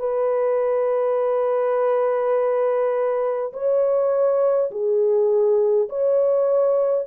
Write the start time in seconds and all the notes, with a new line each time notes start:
0.00 B4
3.53 C#5
4.72 G#4
5.89 C#5